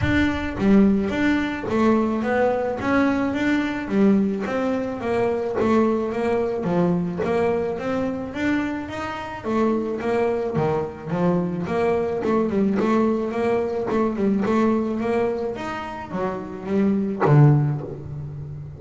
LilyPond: \new Staff \with { instrumentName = "double bass" } { \time 4/4 \tempo 4 = 108 d'4 g4 d'4 a4 | b4 cis'4 d'4 g4 | c'4 ais4 a4 ais4 | f4 ais4 c'4 d'4 |
dis'4 a4 ais4 dis4 | f4 ais4 a8 g8 a4 | ais4 a8 g8 a4 ais4 | dis'4 fis4 g4 d4 | }